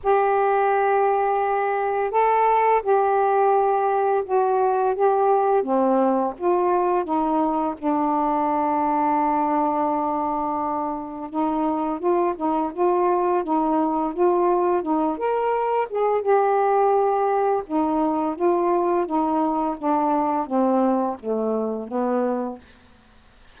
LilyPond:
\new Staff \with { instrumentName = "saxophone" } { \time 4/4 \tempo 4 = 85 g'2. a'4 | g'2 fis'4 g'4 | c'4 f'4 dis'4 d'4~ | d'1 |
dis'4 f'8 dis'8 f'4 dis'4 | f'4 dis'8 ais'4 gis'8 g'4~ | g'4 dis'4 f'4 dis'4 | d'4 c'4 a4 b4 | }